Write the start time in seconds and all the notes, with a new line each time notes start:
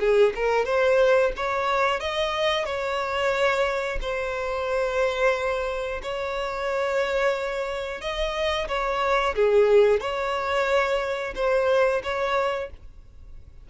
0.00 G#4
0.36 A#4
0.66 C5
1.37 C#5
2.01 D#5
2.66 C#5
4.02 C5
6.03 C#5
8.02 D#5
8.68 C#5
9.36 G#4
10.01 C#5
11.36 C5
12.04 C#5